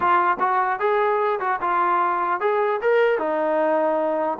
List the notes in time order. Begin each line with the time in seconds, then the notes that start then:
0.00 F4
0.39 F#4
0.79 G#4
1.39 F#4
1.61 F4
2.40 G#4
2.81 A#4
3.18 D#4